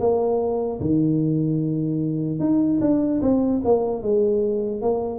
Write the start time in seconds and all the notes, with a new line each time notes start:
0.00 A#3
0.80 D#3
2.39 D#4
2.81 D4
3.22 C4
3.64 A#3
4.02 G#3
4.81 A#3